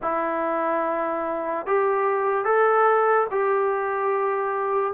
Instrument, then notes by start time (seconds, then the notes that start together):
trombone
0.01 E4
1.66 G4
2.44 A4
3.31 G4